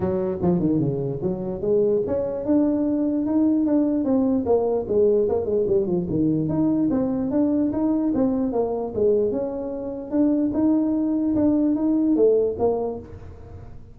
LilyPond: \new Staff \with { instrumentName = "tuba" } { \time 4/4 \tempo 4 = 148 fis4 f8 dis8 cis4 fis4 | gis4 cis'4 d'2 | dis'4 d'4 c'4 ais4 | gis4 ais8 gis8 g8 f8 dis4 |
dis'4 c'4 d'4 dis'4 | c'4 ais4 gis4 cis'4~ | cis'4 d'4 dis'2 | d'4 dis'4 a4 ais4 | }